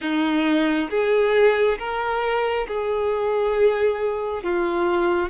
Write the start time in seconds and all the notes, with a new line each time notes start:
0.01 D#4
0.89 G#4
1.78 A#4
2.67 G#4
4.43 F4